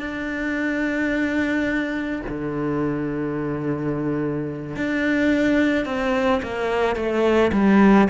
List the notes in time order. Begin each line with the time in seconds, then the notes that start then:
0.00 D4
2.29 D3
4.76 D4
5.86 C4
6.43 A#3
6.96 A3
7.53 G3